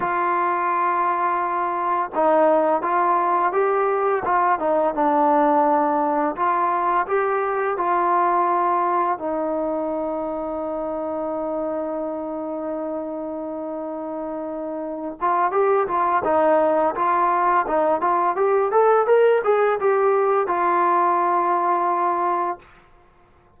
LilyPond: \new Staff \with { instrumentName = "trombone" } { \time 4/4 \tempo 4 = 85 f'2. dis'4 | f'4 g'4 f'8 dis'8 d'4~ | d'4 f'4 g'4 f'4~ | f'4 dis'2.~ |
dis'1~ | dis'4. f'8 g'8 f'8 dis'4 | f'4 dis'8 f'8 g'8 a'8 ais'8 gis'8 | g'4 f'2. | }